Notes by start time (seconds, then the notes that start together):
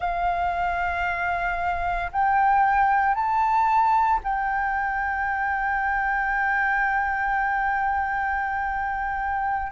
0.00 F5
2.11 G5
3.14 A5
4.23 G5